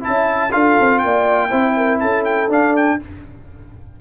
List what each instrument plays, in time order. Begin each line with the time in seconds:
0.00 trombone E4, horn E5, trumpet A5
0.07 tuba C#4
0.51 tuba D4, trombone F4, horn A4, trumpet F5
0.79 tuba C4
0.98 tuba A#3, trumpet G5
1.04 horn D5
1.49 tuba C4, trombone E4, horn C5
1.76 horn A#4
1.99 tuba C#4, horn A4, trumpet A5
2.24 trumpet G5
2.48 tuba D4, trombone D4, trumpet F5
2.76 trumpet G5